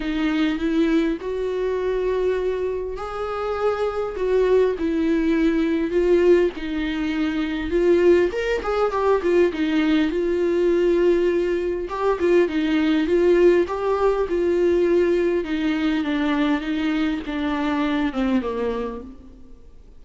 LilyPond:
\new Staff \with { instrumentName = "viola" } { \time 4/4 \tempo 4 = 101 dis'4 e'4 fis'2~ | fis'4 gis'2 fis'4 | e'2 f'4 dis'4~ | dis'4 f'4 ais'8 gis'8 g'8 f'8 |
dis'4 f'2. | g'8 f'8 dis'4 f'4 g'4 | f'2 dis'4 d'4 | dis'4 d'4. c'8 ais4 | }